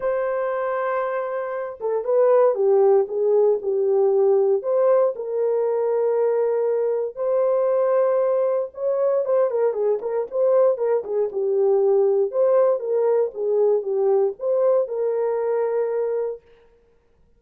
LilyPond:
\new Staff \with { instrumentName = "horn" } { \time 4/4 \tempo 4 = 117 c''2.~ c''8 a'8 | b'4 g'4 gis'4 g'4~ | g'4 c''4 ais'2~ | ais'2 c''2~ |
c''4 cis''4 c''8 ais'8 gis'8 ais'8 | c''4 ais'8 gis'8 g'2 | c''4 ais'4 gis'4 g'4 | c''4 ais'2. | }